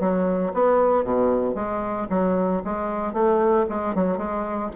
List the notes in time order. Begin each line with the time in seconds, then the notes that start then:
0.00 F#3
0.54 B3
1.04 B2
1.55 G#3
2.10 F#3
2.64 G#3
3.13 A3
3.69 G#3
3.95 F#3
4.18 G#3